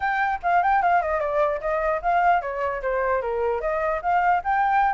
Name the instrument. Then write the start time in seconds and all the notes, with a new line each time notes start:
flute
0.00 G5
0.42 F5
0.62 G5
0.82 F5
1.02 D#5
1.20 D5
1.61 D#5
2.02 F5
2.41 C#5
2.82 C5
3.21 A#4
3.60 D#5
4.02 F5
4.43 G5